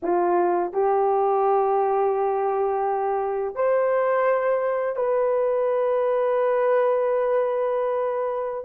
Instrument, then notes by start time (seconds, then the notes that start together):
horn
0.02 F4
0.73 G4
3.55 C5
4.95 B4